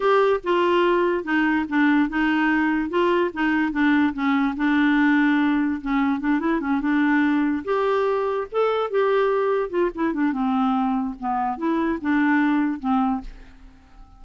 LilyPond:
\new Staff \with { instrumentName = "clarinet" } { \time 4/4 \tempo 4 = 145 g'4 f'2 dis'4 | d'4 dis'2 f'4 | dis'4 d'4 cis'4 d'4~ | d'2 cis'4 d'8 e'8 |
cis'8 d'2 g'4.~ | g'8 a'4 g'2 f'8 | e'8 d'8 c'2 b4 | e'4 d'2 c'4 | }